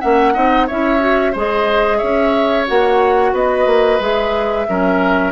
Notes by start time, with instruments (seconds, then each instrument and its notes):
0.00 bassoon A#3, clarinet C#4, oboe E5, flute F#5
0.34 bassoon C4, clarinet D#4, oboe D#5
0.67 bassoon C#4, clarinet E4, oboe C#5, flute E5
0.99 clarinet F#4
1.32 bassoon G#3, clarinet G#4, oboe C5, flute D#5
1.98 bassoon C#4, oboe C#5, flute E5
2.67 bassoon A#3, clarinet F#4, flute F#5
3.33 bassoon B3, oboe B4, flute D#5
3.66 bassoon A#3
4.00 bassoon G#3, clarinet G#4, flute E5
4.68 bassoon F#3, clarinet C#4, oboe A#4